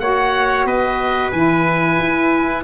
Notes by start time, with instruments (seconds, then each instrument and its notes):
0.00 tuba A#3, saxophone F#4, trumpet C#5, oboe F#5
0.66 tuba B3, trumpet B4, oboe D#5
1.32 tuba E3, saxophone E4, oboe G#5
1.99 tuba E4